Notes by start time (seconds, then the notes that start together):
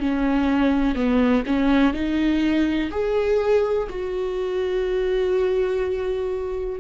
0.00 C#4
0.95 B3
1.46 C#4
1.94 D#4
2.91 G#4
3.90 F#4